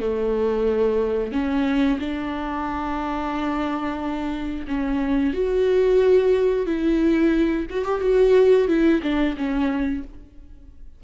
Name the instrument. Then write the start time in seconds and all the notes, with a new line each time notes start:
viola
0.00 A3
1.32 C#4
1.99 D4
4.68 C#4
5.34 F#4
6.66 E4
7.70 F#4
7.85 G4
8.01 F#4
8.68 E4
9.03 D4
9.37 C#4